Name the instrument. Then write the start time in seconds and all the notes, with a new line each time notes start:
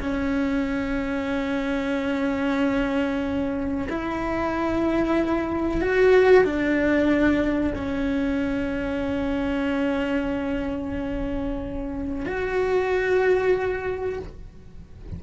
cello
0.00 C#4
3.89 E4
5.81 F#4
6.44 D4
7.74 C#4
12.25 F#4